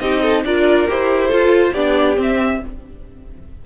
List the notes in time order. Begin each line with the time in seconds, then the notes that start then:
0.00 C4 D#4 G4 D#5
0.23 A4
0.44 D4 F4 A#4 D5
0.88 E4 G4 C5
1.27 F4 A4
1.73 B3 D4 G4 D5
2.17 C4 E5